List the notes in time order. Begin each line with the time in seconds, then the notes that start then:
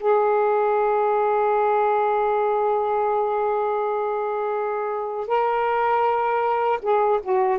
0.00 G#4
5.27 A#4
6.82 G#4
7.23 F#4